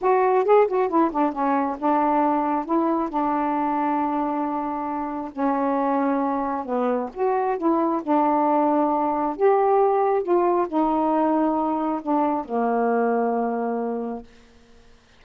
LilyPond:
\new Staff \with { instrumentName = "saxophone" } { \time 4/4 \tempo 4 = 135 fis'4 gis'8 fis'8 e'8 d'8 cis'4 | d'2 e'4 d'4~ | d'1 | cis'2. b4 |
fis'4 e'4 d'2~ | d'4 g'2 f'4 | dis'2. d'4 | ais1 | }